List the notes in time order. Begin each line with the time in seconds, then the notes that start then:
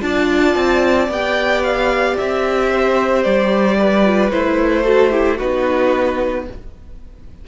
0.00 D4 F4 D5 A5
0.55 C4
1.08 B3 G4 G5
1.62 F5
2.17 C4 E5
2.69 C5
3.23 G3 D5
3.78 B4
4.04 F4
4.30 A3 E4 C5
4.82 F#4 A4
5.10 E4 G4
5.37 B3 D#4 F#4 B4